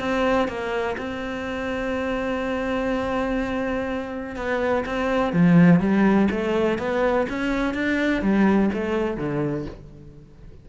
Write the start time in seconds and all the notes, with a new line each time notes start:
0.00 C4
0.48 A#3
0.98 C4
4.36 B3
4.86 C4
5.33 F3
5.80 G3
6.31 A3
6.79 B3
7.30 C#4
7.74 D4
8.22 G3
8.74 A3
9.17 D3